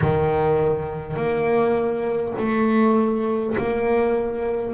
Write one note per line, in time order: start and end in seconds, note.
0.01 1.16 D#3
1.16 2.34 A#3
2.38 3.56 A3
3.57 4.74 A#3